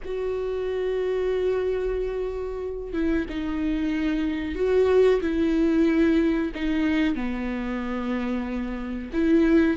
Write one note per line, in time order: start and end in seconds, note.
0.04 2.93 F#4
2.93 3.25 E4
3.29 4.55 D#4
4.55 5.20 F#4
5.21 6.51 E4
6.54 7.15 D#4
7.15 9.10 B3
9.13 9.76 E4